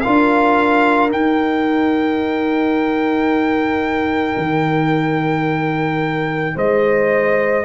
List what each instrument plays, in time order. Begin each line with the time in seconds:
0.00 trombone F4, horn A#4, trumpet F5
0.06 tuba D4
1.09 trombone D#4, tuba D#4, trumpet G5
4.37 tuba D#3
6.55 tuba G#3, horn C5, trumpet D#5